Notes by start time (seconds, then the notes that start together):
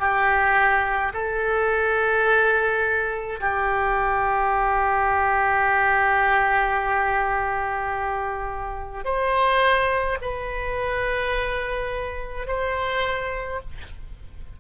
0.00 G4
1.14 A4
3.41 G4
9.05 C5
10.21 B4
12.48 C5